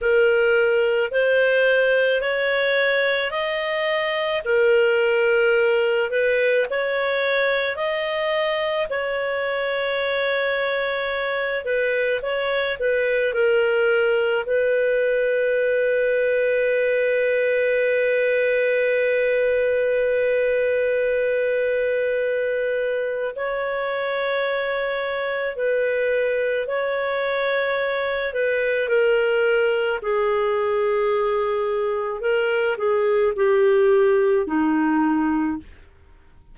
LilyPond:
\new Staff \with { instrumentName = "clarinet" } { \time 4/4 \tempo 4 = 54 ais'4 c''4 cis''4 dis''4 | ais'4. b'8 cis''4 dis''4 | cis''2~ cis''8 b'8 cis''8 b'8 | ais'4 b'2.~ |
b'1~ | b'4 cis''2 b'4 | cis''4. b'8 ais'4 gis'4~ | gis'4 ais'8 gis'8 g'4 dis'4 | }